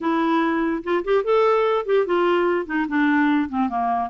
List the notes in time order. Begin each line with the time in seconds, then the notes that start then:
0.01 E4
0.83 F4
1.04 G4
1.23 A4
1.85 G4
2.06 F4
2.65 D#4
2.88 D4
3.49 C4
3.69 A#3